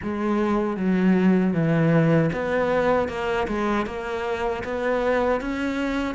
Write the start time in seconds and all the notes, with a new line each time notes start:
0.02 G#3
0.76 F#3
1.53 E3
2.33 B3
3.08 A#3
3.47 G#3
3.86 A#3
4.64 B3
5.40 C#4